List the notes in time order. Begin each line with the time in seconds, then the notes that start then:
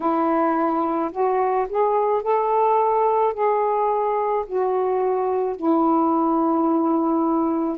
0.00 E4
1.11 F#4
1.68 G#4
2.22 A4
3.33 G#4
4.46 F#4
5.56 E4